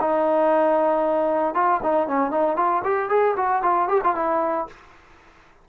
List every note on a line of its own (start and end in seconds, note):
0.00 1.54 D#4
1.54 1.80 F4
1.83 2.08 D#4
2.08 2.31 C#4
2.31 2.56 D#4
2.56 2.82 F4
2.84 3.09 G4
3.09 3.35 G#4
3.36 3.62 F#4
3.62 3.88 F4
3.88 4.01 G4
4.03 4.15 F4
4.15 4.67 E4